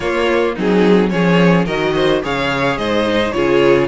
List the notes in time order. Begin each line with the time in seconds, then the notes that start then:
0.00 A#3 F4 C#5
0.55 F#3 C4 D#4 G#4
1.09 F3 C#4 G#4 C#5
1.65 D#3 F#4 A#4 D#5
1.94 C5
2.22 C#3 G#4 C#5 F5
2.77 G#2 C5 D#5
3.06 D#4
3.31 C#3 F4 G#4 C#5